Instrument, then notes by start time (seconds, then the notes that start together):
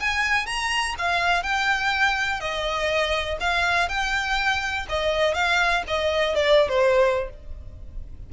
violin
0.00 G#5
0.46 A#5
0.98 F5
1.43 G5
2.40 D#5
3.40 F5
3.88 G5
4.89 D#5
5.34 F5
5.87 D#5
6.35 D5
6.69 C5